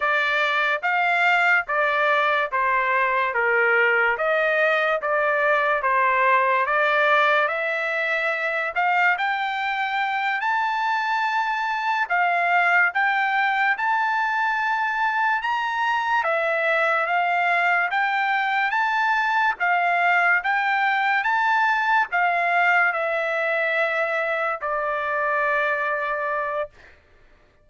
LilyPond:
\new Staff \with { instrumentName = "trumpet" } { \time 4/4 \tempo 4 = 72 d''4 f''4 d''4 c''4 | ais'4 dis''4 d''4 c''4 | d''4 e''4. f''8 g''4~ | g''8 a''2 f''4 g''8~ |
g''8 a''2 ais''4 e''8~ | e''8 f''4 g''4 a''4 f''8~ | f''8 g''4 a''4 f''4 e''8~ | e''4. d''2~ d''8 | }